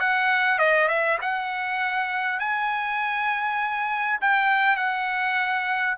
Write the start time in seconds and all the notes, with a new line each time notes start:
0.00 F#5
0.59 D#5
0.89 E5
1.22 F#5
2.40 G#5
4.21 G5
4.76 F#5